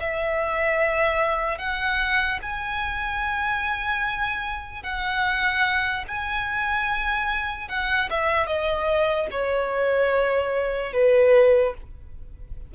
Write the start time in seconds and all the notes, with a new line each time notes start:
0.00 E5
1.58 F#5
2.43 G#5
4.83 F#5
6.08 G#5
7.69 F#5
8.10 E5
8.47 D#5
9.31 C#5
10.93 B4